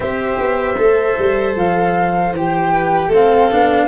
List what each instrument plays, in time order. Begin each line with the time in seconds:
0.00 tuba C4, cello G4, violin C5, flute E5
0.38 tuba B3
0.77 tuba A3, cello A4
1.18 tuba G3
1.55 tuba F3, flute F5
2.32 tuba E3, cello G4, flute G5
2.73 violin B4
3.08 tuba A3, cello C4, violin A4, flute F5
3.51 tuba B3, cello D4